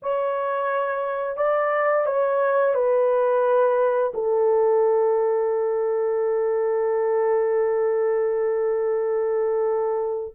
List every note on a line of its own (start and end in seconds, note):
0.02 1.36 C#5
1.36 2.05 D5
2.06 2.74 C#5
2.74 4.12 B4
4.13 10.34 A4